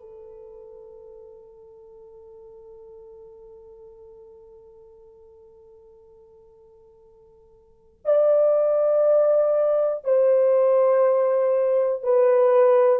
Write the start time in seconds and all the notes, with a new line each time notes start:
0.00 A4
8.05 D5
10.04 C5
12.03 B4